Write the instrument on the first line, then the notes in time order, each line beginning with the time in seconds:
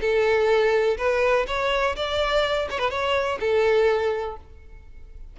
violin
0.00 A4
0.97 B4
1.47 C#5
1.96 D5
2.70 C#5
2.78 B4
2.90 C#5
3.40 A4